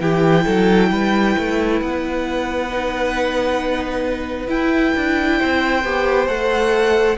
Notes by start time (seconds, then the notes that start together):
0.00 E3 E4 G4 G5
0.45 F#3 A4
0.91 G3 B4
1.38 A3
1.81 B3 F#5
2.70 D#4
4.47 E4 G5
4.96 D4
5.38 C4 C5
5.84 B3 G4
6.27 A3 A4 F#5